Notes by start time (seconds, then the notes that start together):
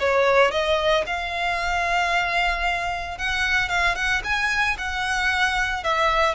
0.00 C#5
0.51 D#5
1.07 F5
3.18 F#5
3.69 F5
3.96 F#5
4.24 G#5
4.78 F#5
5.84 E5